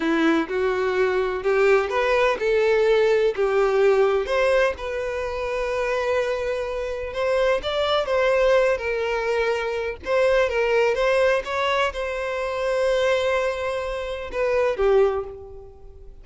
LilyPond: \new Staff \with { instrumentName = "violin" } { \time 4/4 \tempo 4 = 126 e'4 fis'2 g'4 | b'4 a'2 g'4~ | g'4 c''4 b'2~ | b'2. c''4 |
d''4 c''4. ais'4.~ | ais'4 c''4 ais'4 c''4 | cis''4 c''2.~ | c''2 b'4 g'4 | }